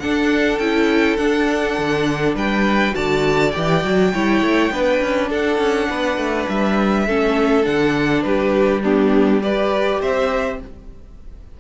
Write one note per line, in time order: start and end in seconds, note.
0.00 0.61 D4
0.00 0.59 D4
0.00 2.36 A4
0.00 0.59 F#5
0.59 1.18 C#4
0.59 1.19 E4
0.59 1.17 G5
1.17 2.92 D4
1.17 1.78 D4
1.17 2.35 F#5
1.79 2.35 D3
2.35 2.94 G3
2.35 2.95 B4
2.35 2.95 G5
2.92 3.56 D3
2.92 3.51 F#4
2.92 4.13 D5
2.92 3.52 A5
3.52 3.84 E3
3.52 3.82 G4
3.52 5.28 G5
3.82 4.13 F#3
3.82 4.12 F#4
4.14 4.42 G3
4.14 4.73 E4
4.14 4.72 C#5
4.42 4.71 A3
4.71 5.00 B3
4.71 7.08 D4
4.71 5.30 B4
5.01 5.31 C#4
5.30 5.58 D4
5.30 5.88 A4
5.30 6.50 F#5
5.58 5.88 C#4
5.90 6.17 B3
5.90 7.07 B4
6.17 6.47 A3
6.49 7.07 G3
6.49 7.65 E5
7.07 7.66 A3
7.07 7.64 C#4
7.07 8.25 A4
7.64 8.24 D3
7.64 8.81 D4
7.64 8.22 F#5
8.22 10.01 G3
8.22 8.83 G4
8.22 8.81 B4
8.83 9.41 B3
8.83 9.42 D4
8.83 9.43 G4
9.41 10.59 G4
9.41 10.01 B4
9.41 10.02 D5
10.01 10.60 C4
10.01 10.60 C5
10.01 10.61 E5